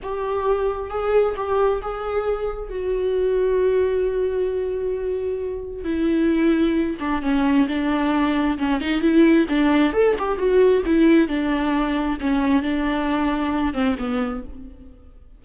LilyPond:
\new Staff \with { instrumentName = "viola" } { \time 4/4 \tempo 4 = 133 g'2 gis'4 g'4 | gis'2 fis'2~ | fis'1~ | fis'4 e'2~ e'8 d'8 |
cis'4 d'2 cis'8 dis'8 | e'4 d'4 a'8 g'8 fis'4 | e'4 d'2 cis'4 | d'2~ d'8 c'8 b4 | }